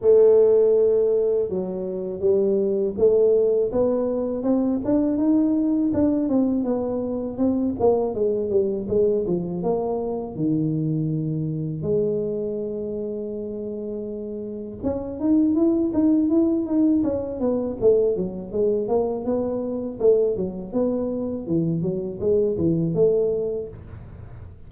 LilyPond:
\new Staff \with { instrumentName = "tuba" } { \time 4/4 \tempo 4 = 81 a2 fis4 g4 | a4 b4 c'8 d'8 dis'4 | d'8 c'8 b4 c'8 ais8 gis8 g8 | gis8 f8 ais4 dis2 |
gis1 | cis'8 dis'8 e'8 dis'8 e'8 dis'8 cis'8 b8 | a8 fis8 gis8 ais8 b4 a8 fis8 | b4 e8 fis8 gis8 e8 a4 | }